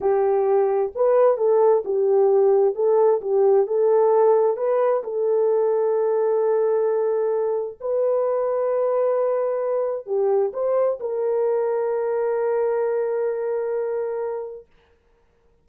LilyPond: \new Staff \with { instrumentName = "horn" } { \time 4/4 \tempo 4 = 131 g'2 b'4 a'4 | g'2 a'4 g'4 | a'2 b'4 a'4~ | a'1~ |
a'4 b'2.~ | b'2 g'4 c''4 | ais'1~ | ais'1 | }